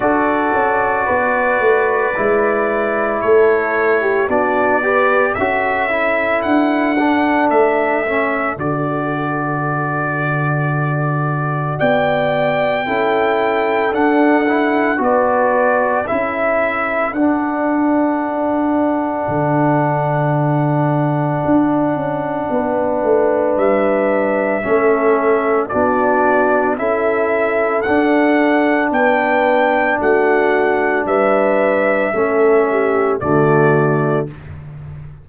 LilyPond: <<
  \new Staff \with { instrumentName = "trumpet" } { \time 4/4 \tempo 4 = 56 d''2. cis''4 | d''4 e''4 fis''4 e''4 | d''2. g''4~ | g''4 fis''4 d''4 e''4 |
fis''1~ | fis''2 e''2 | d''4 e''4 fis''4 g''4 | fis''4 e''2 d''4 | }
  \new Staff \with { instrumentName = "horn" } { \time 4/4 a'4 b'2 a'8. g'16 | fis'8 b'8 a'2.~ | a'2. d''4 | a'2 b'4 a'4~ |
a'1~ | a'4 b'2 a'4 | fis'4 a'2 b'4 | fis'4 b'4 a'8 g'8 fis'4 | }
  \new Staff \with { instrumentName = "trombone" } { \time 4/4 fis'2 e'2 | d'8 g'8 fis'8 e'4 d'4 cis'8 | fis'1 | e'4 d'8 e'8 fis'4 e'4 |
d'1~ | d'2. cis'4 | d'4 e'4 d'2~ | d'2 cis'4 a4 | }
  \new Staff \with { instrumentName = "tuba" } { \time 4/4 d'8 cis'8 b8 a8 gis4 a4 | b4 cis'4 d'4 a4 | d2. b4 | cis'4 d'4 b4 cis'4 |
d'2 d2 | d'8 cis'8 b8 a8 g4 a4 | b4 cis'4 d'4 b4 | a4 g4 a4 d4 | }
>>